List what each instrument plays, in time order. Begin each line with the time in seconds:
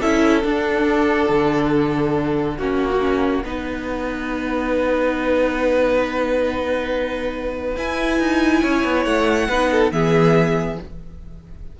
0.00 cello C#4, viola E4, violin A4 E5
0.42 viola D4, cello D4, violin F#5
1.29 cello D3
2.57 cello A#3, viola C#4, violin F#4
2.90 viola F#4
3.00 viola C#4
3.44 cello B3, viola D#4, violin B4
7.77 cello E4, viola E4, violin G#5
8.19 cello D#4
8.62 cello C#4, violin C#5
8.84 cello B3
9.04 cello A3, violin F#5
9.48 cello B3, viola D#4, violin B4
9.71 violin A4
9.92 cello E3, viola B3, violin G#4 E5